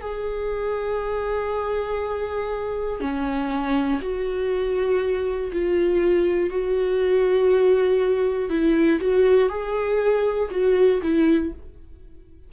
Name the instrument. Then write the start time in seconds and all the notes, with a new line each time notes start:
viola
0.00 G#4
3.00 C#4
4.00 F#4
5.52 F4
6.50 F#4
8.49 E4
9.00 F#4
9.49 G#4
10.50 F#4
11.02 E4